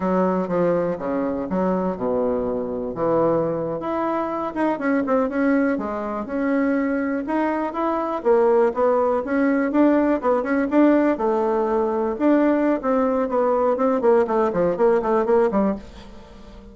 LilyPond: \new Staff \with { instrumentName = "bassoon" } { \time 4/4 \tempo 4 = 122 fis4 f4 cis4 fis4 | b,2 e4.~ e16 e'16~ | e'4~ e'16 dis'8 cis'8 c'8 cis'4 gis16~ | gis8. cis'2 dis'4 e'16~ |
e'8. ais4 b4 cis'4 d'16~ | d'8. b8 cis'8 d'4 a4~ a16~ | a8. d'4~ d'16 c'4 b4 | c'8 ais8 a8 f8 ais8 a8 ais8 g8 | }